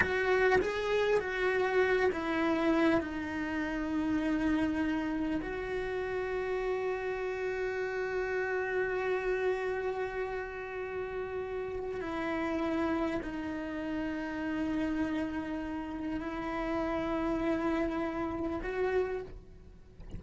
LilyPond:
\new Staff \with { instrumentName = "cello" } { \time 4/4 \tempo 4 = 100 fis'4 gis'4 fis'4. e'8~ | e'4 dis'2.~ | dis'4 fis'2.~ | fis'1~ |
fis'1 | e'2 dis'2~ | dis'2. e'4~ | e'2. fis'4 | }